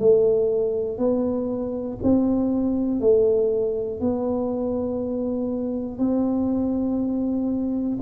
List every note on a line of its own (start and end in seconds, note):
0.00 0.98 A3
0.98 1.98 B3
2.03 3.01 C4
3.01 4.01 A3
4.01 5.99 B3
5.99 7.99 C4